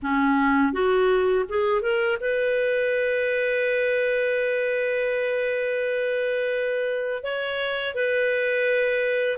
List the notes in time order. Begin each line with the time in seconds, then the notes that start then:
0.02 C#4
0.72 F#4
1.49 G#4
1.81 A#4
2.20 B4
7.23 C#5
7.94 B4